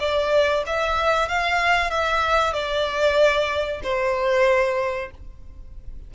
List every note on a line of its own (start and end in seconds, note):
0.00 0.64 D5
0.66 1.29 E5
1.29 1.91 F5
1.91 2.54 E5
2.54 3.81 D5
3.83 5.11 C5